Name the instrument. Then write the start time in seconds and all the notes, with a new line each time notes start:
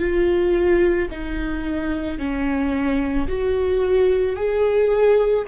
viola
0.00 F4
1.12 D#4
2.19 C#4
3.29 F#4
4.36 G#4